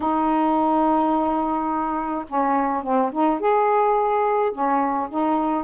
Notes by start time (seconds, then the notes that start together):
0.00 D#4
2.28 C#4
2.83 C4
3.12 D#4
3.40 G#4
4.52 C#4
5.09 D#4